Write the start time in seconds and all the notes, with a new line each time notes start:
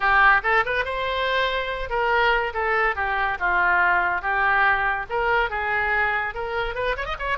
0.00 G4
0.43 A4
0.65 B4
0.84 C5
1.89 A#4
2.53 A4
2.95 G4
3.39 F4
4.21 G4
5.09 A#4
5.49 G#4
6.34 A#4
6.74 B4
6.96 C#5
7.05 D#5
7.19 C#5